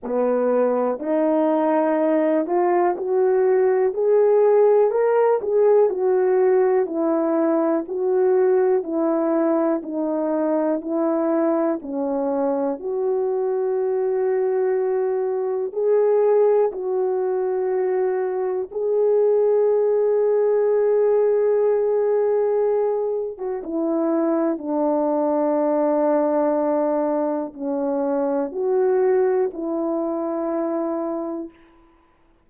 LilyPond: \new Staff \with { instrumentName = "horn" } { \time 4/4 \tempo 4 = 61 b4 dis'4. f'8 fis'4 | gis'4 ais'8 gis'8 fis'4 e'4 | fis'4 e'4 dis'4 e'4 | cis'4 fis'2. |
gis'4 fis'2 gis'4~ | gis'2.~ gis'8. fis'16 | e'4 d'2. | cis'4 fis'4 e'2 | }